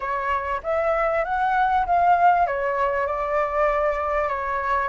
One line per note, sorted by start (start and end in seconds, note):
0.00 0.61 C#5
0.63 1.24 E5
1.24 1.85 F#5
1.85 2.46 F5
2.46 3.06 C#5
3.06 4.28 D5
4.28 4.88 C#5